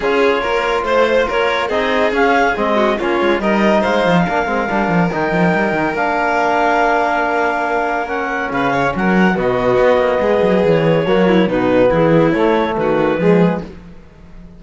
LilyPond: <<
  \new Staff \with { instrumentName = "clarinet" } { \time 4/4 \tempo 4 = 141 cis''2 c''4 cis''4 | dis''4 f''4 dis''4 cis''4 | dis''4 f''2. | g''2 f''2~ |
f''2. fis''4 | f''4 fis''4 dis''2~ | dis''4 cis''2 b'4 | gis'4 cis''4 b'2 | }
  \new Staff \with { instrumentName = "violin" } { \time 4/4 gis'4 ais'4 c''4 ais'4 | gis'2~ gis'8 fis'8 f'4 | ais'4 c''4 ais'2~ | ais'1~ |
ais'1 | b'8 cis''8 ais'4 fis'2 | gis'2 fis'8 e'8 dis'4 | e'2 fis'4 gis'4 | }
  \new Staff \with { instrumentName = "trombone" } { \time 4/4 f'1 | dis'4 cis'4 c'4 cis'4 | dis'2 d'8 c'8 d'4 | dis'2 d'2~ |
d'2. cis'4~ | cis'2 b2~ | b2 ais4 b4~ | b4 a2 gis4 | }
  \new Staff \with { instrumentName = "cello" } { \time 4/4 cis'4 ais4 a4 ais4 | c'4 cis'4 gis4 ais8 gis8 | g4 gis8 f8 ais8 gis8 g8 f8 | dis8 f8 g8 dis8 ais2~ |
ais1 | cis4 fis4 b,4 b8 ais8 | gis8 fis8 e4 fis4 b,4 | e4 a4 dis4 f4 | }
>>